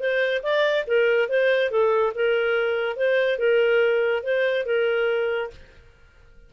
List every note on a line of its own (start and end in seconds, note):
0.00 0.42 C5
0.43 0.85 D5
0.87 1.29 A#4
1.29 1.71 C5
1.71 2.13 A4
2.15 2.97 A#4
2.97 3.39 C5
3.39 4.23 A#4
4.24 4.66 C5
4.66 5.51 A#4